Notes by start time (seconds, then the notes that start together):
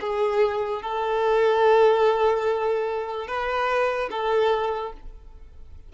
0.00 G#4
0.82 A4
3.27 B4
4.10 A4